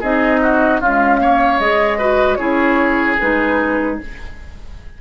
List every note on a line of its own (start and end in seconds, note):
0.00 0.81 C4
0.00 0.82 D#4
0.00 0.39 G#4
0.00 0.81 D#5
0.42 0.80 F#4
0.80 1.20 G#3
0.80 1.60 C#4
0.80 1.20 F4
0.80 1.60 F5
1.20 1.60 A#3
1.20 1.98 C#5
1.60 2.38 G#3
1.60 1.99 G#4
1.60 2.35 D#5
1.98 2.38 F#4
1.98 2.38 B4
2.35 3.18 C#4
2.35 3.17 E4
2.35 3.96 G#4
2.35 3.14 C#5
3.19 4.00 G#3
3.19 4.01 D#4
3.19 3.98 B4